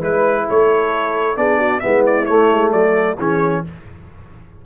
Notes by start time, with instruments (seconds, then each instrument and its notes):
0.00 tuba G#3, trombone E4, horn B4, trumpet B4
0.49 tuba A3, horn A4, trumpet C#5
1.36 tuba B3, trombone D4, horn G#4, trumpet D5
1.58 horn F#4
1.80 tuba G#3, trombone B3, horn E4, trumpet E5
2.06 trumpet D5
2.26 trombone A3, tuba A3, trumpet C#5
2.52 tuba G#3
2.72 tuba F#3, horn A4, trumpet D5
3.18 tuba E3, trombone C#4, horn G#4, trumpet C#5